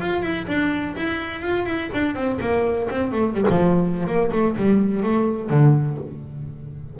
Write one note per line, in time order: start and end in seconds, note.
0.00 0.22 F4
0.22 0.46 E4
0.47 0.95 D4
0.96 1.42 E4
1.42 1.65 F4
1.65 1.89 E4
1.93 2.15 D4
2.15 2.39 C4
2.40 2.88 A#3
2.90 3.12 C4
3.12 3.33 A3
3.33 3.45 G3
3.50 4.06 F3
4.06 4.30 A#3
4.32 4.56 A3
4.56 5.03 G3
5.03 5.49 A3
5.49 5.97 D3